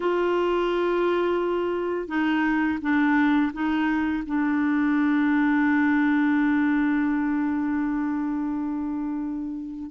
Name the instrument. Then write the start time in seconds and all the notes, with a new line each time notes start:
clarinet
0.00 F4
2.08 D#4
2.81 D4
3.53 D#4
4.26 D4